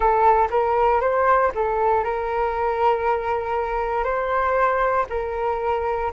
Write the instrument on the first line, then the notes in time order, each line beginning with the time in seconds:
flute
0.00 A4
0.50 A#4
1.00 C5
1.54 A4
2.03 A#4
4.04 C5
5.09 A#4